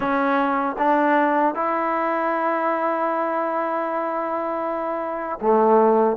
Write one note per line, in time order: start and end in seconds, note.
0.00 0.76 C#4
0.78 1.54 D4
1.54 5.39 E4
5.41 6.16 A3